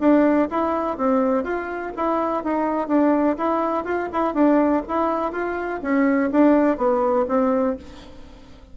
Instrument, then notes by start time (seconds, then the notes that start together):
bassoon
0.00 D4
0.50 E4
0.97 C4
1.44 F4
1.97 E4
2.44 D#4
2.88 D4
3.37 E4
3.85 F4
4.13 E4
4.34 D4
4.88 E4
5.32 F4
5.82 C#4
6.31 D4
6.77 B3
7.28 C4